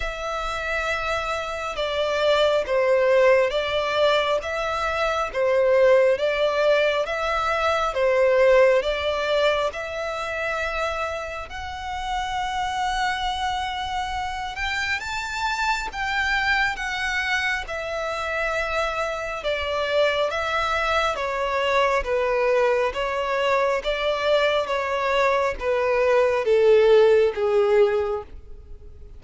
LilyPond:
\new Staff \with { instrumentName = "violin" } { \time 4/4 \tempo 4 = 68 e''2 d''4 c''4 | d''4 e''4 c''4 d''4 | e''4 c''4 d''4 e''4~ | e''4 fis''2.~ |
fis''8 g''8 a''4 g''4 fis''4 | e''2 d''4 e''4 | cis''4 b'4 cis''4 d''4 | cis''4 b'4 a'4 gis'4 | }